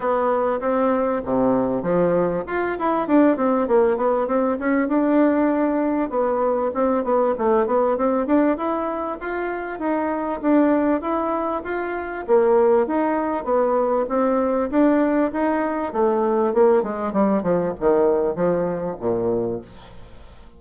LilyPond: \new Staff \with { instrumentName = "bassoon" } { \time 4/4 \tempo 4 = 98 b4 c'4 c4 f4 | f'8 e'8 d'8 c'8 ais8 b8 c'8 cis'8 | d'2 b4 c'8 b8 | a8 b8 c'8 d'8 e'4 f'4 |
dis'4 d'4 e'4 f'4 | ais4 dis'4 b4 c'4 | d'4 dis'4 a4 ais8 gis8 | g8 f8 dis4 f4 ais,4 | }